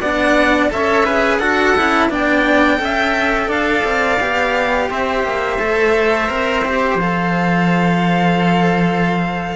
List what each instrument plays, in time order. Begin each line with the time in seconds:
0.00 cello B3 D4, trumpet D5, violin F#5
0.70 cello C#4 A4, trumpet C#5, violin E5
1.05 cello G#4, trumpet B4
1.38 cello D4 F#4, trumpet A4, violin F#5
1.76 cello C#4 E4
2.09 cello B3 D4, trumpet D5, violin G5
2.78 cello C#4 A4
2.84 trumpet E5
3.48 cello D4, trumpet D5, violin F5
3.84 cello C4
4.20 cello B3 G4
4.90 cello C4, trumpet C5, violin E5
5.23 cello A#3
5.59 cello A3 A4
6.28 cello C4 A#4
6.65 cello G4
6.95 cello F3 A4, violin F5